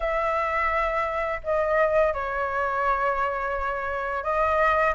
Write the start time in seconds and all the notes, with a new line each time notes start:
0.00 E5
1.43 D#5
2.13 C#5
4.23 D#5